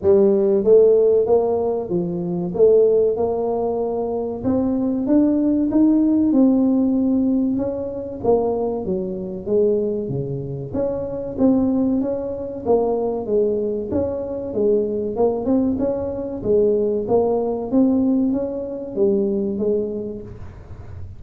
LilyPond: \new Staff \with { instrumentName = "tuba" } { \time 4/4 \tempo 4 = 95 g4 a4 ais4 f4 | a4 ais2 c'4 | d'4 dis'4 c'2 | cis'4 ais4 fis4 gis4 |
cis4 cis'4 c'4 cis'4 | ais4 gis4 cis'4 gis4 | ais8 c'8 cis'4 gis4 ais4 | c'4 cis'4 g4 gis4 | }